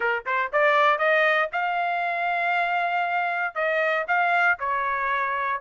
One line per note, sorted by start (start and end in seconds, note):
0.00 0.23 A#4
0.26 0.51 C5
0.52 0.98 D5
0.98 1.49 D#5
1.52 3.54 F5
3.54 4.05 D#5
4.07 4.58 F5
4.59 5.60 C#5